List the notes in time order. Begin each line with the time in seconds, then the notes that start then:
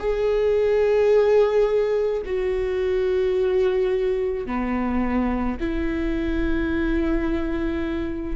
0.00 G#4
2.26 F#4
4.46 B3
5.60 E4